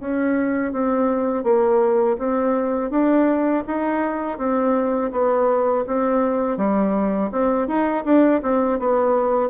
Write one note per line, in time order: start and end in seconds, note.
0.00 0.73 C#4
0.73 1.44 C4
1.44 2.17 A#3
2.19 2.90 C4
2.90 3.64 D4
3.67 4.38 D#4
4.38 5.12 C4
5.12 5.85 B3
5.87 6.57 C4
6.57 7.30 G3
7.31 7.68 C4
7.68 8.04 D#4
8.05 8.41 D4
8.42 8.79 C4
8.79 9.50 B3